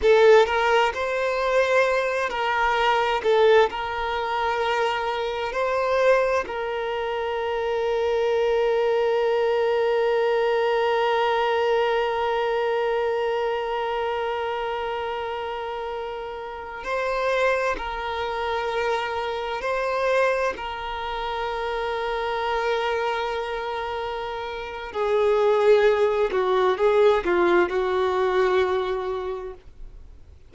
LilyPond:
\new Staff \with { instrumentName = "violin" } { \time 4/4 \tempo 4 = 65 a'8 ais'8 c''4. ais'4 a'8 | ais'2 c''4 ais'4~ | ais'1~ | ais'1~ |
ais'2~ ais'16 c''4 ais'8.~ | ais'4~ ais'16 c''4 ais'4.~ ais'16~ | ais'2. gis'4~ | gis'8 fis'8 gis'8 f'8 fis'2 | }